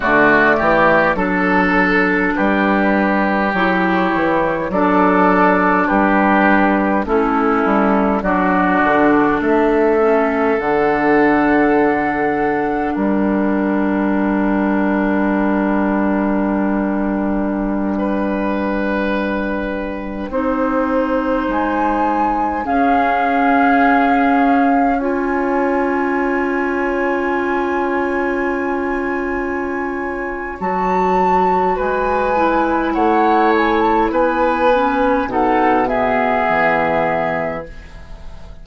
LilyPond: <<
  \new Staff \with { instrumentName = "flute" } { \time 4/4 \tempo 4 = 51 d''4 a'4 b'4 cis''4 | d''4 b'4 a'4 d''4 | e''4 fis''2 g''4~ | g''1~ |
g''2~ g''16 gis''4 f''8.~ | f''4~ f''16 gis''2~ gis''8.~ | gis''2 a''4 gis''4 | fis''8 gis''16 a''16 gis''4 fis''8 e''4. | }
  \new Staff \with { instrumentName = "oboe" } { \time 4/4 fis'8 g'8 a'4 g'2 | a'4 g'4 e'4 fis'4 | a'2. ais'4~ | ais'2.~ ais'16 b'8.~ |
b'4~ b'16 c''2 gis'8.~ | gis'4~ gis'16 cis''2~ cis''8.~ | cis''2. b'4 | cis''4 b'4 a'8 gis'4. | }
  \new Staff \with { instrumentName = "clarinet" } { \time 4/4 a4 d'2 e'4 | d'2 cis'4 d'4~ | d'8 cis'8 d'2.~ | d'1~ |
d'4~ d'16 dis'2 cis'8.~ | cis'4~ cis'16 f'2~ f'8.~ | f'2 fis'4. e'8~ | e'4. cis'8 dis'8 b4. | }
  \new Staff \with { instrumentName = "bassoon" } { \time 4/4 d8 e8 fis4 g4 fis8 e8 | fis4 g4 a8 g8 fis8 d8 | a4 d2 g4~ | g1~ |
g4~ g16 c'4 gis4 cis'8.~ | cis'1~ | cis'2 fis4 gis4 | a4 b4 b,4 e4 | }
>>